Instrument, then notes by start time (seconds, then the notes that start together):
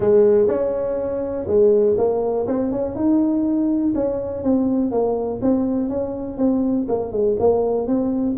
tuba
0.00 G#3
0.47 C#4
1.47 G#3
1.97 A#3
2.47 C4
2.71 C#4
2.95 D#4
3.95 C#4
4.43 C4
4.91 A#3
5.41 C4
5.89 C#4
6.37 C4
6.88 A#3
7.12 G#3
7.39 A#3
7.87 C4